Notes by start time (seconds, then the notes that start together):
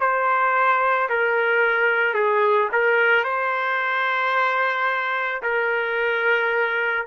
0.00 C5
1.09 A#4
2.14 G#4
2.72 A#4
3.24 C5
5.42 A#4